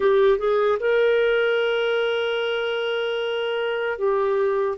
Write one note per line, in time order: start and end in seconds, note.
0.00 0.38 G4
0.38 0.78 G#4
0.79 3.98 A#4
3.98 4.78 G4